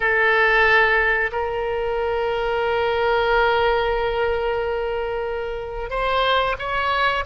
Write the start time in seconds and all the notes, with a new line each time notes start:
0.00 A4
1.32 A#4
5.90 C5
6.58 C#5